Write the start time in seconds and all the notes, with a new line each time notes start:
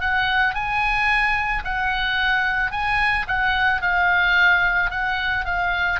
0.00 F#5
0.54 G#5
1.64 F#5
2.71 G#5
3.27 F#5
3.81 F5
4.90 F#5
5.45 F5